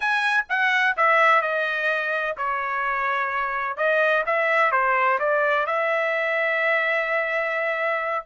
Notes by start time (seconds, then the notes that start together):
0.00 G#5
0.49 F#5
0.96 E5
1.41 D#5
2.37 C#5
3.76 D#5
4.26 E5
4.71 C5
5.19 D5
5.66 E5